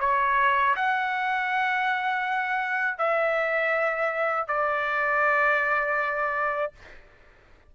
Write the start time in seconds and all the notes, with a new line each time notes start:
0.00 C#5
0.76 F#5
2.98 E5
4.48 D5